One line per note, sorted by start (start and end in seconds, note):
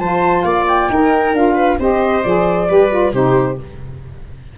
0.00 0.44 F3
0.00 0.91 F4
0.00 0.45 C5
0.00 0.42 A5
0.42 0.89 A#3
0.42 0.90 D5
0.42 0.65 F5
0.68 1.35 G5
0.89 1.34 D#4
0.89 1.35 D#4
0.89 1.56 A#4
1.34 1.78 D4
1.34 1.79 F4
1.34 1.80 F5
1.56 1.78 B4
1.79 2.24 C4
1.79 2.24 G4
1.79 2.69 C5
1.79 2.23 D#5
2.23 2.70 F3
2.23 2.68 G#4
2.23 3.13 D5
2.68 3.13 G3
2.68 2.90 G4
2.68 3.13 B4
2.90 3.13 F4
3.13 3.58 C3
3.13 3.58 D#4
3.13 3.58 G4
3.13 3.59 C5